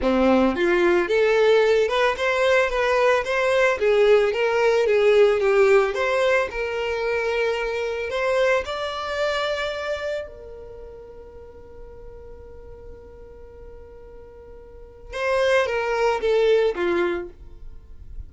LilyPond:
\new Staff \with { instrumentName = "violin" } { \time 4/4 \tempo 4 = 111 c'4 f'4 a'4. b'8 | c''4 b'4 c''4 gis'4 | ais'4 gis'4 g'4 c''4 | ais'2. c''4 |
d''2. ais'4~ | ais'1~ | ais'1 | c''4 ais'4 a'4 f'4 | }